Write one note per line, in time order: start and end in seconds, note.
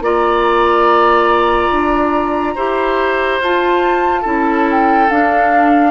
0.00 1.69 A#3
0.00 2.56 F4
0.00 2.55 D5
0.00 3.41 A#5
1.71 2.55 D4
2.55 3.39 E4
2.55 3.41 G4
2.55 4.21 C5
3.39 4.24 F4
3.39 4.69 A5
4.21 5.09 C#4
4.21 5.08 E4
4.21 5.90 A4
4.70 5.10 G5
5.10 5.90 D4
5.10 5.90 F5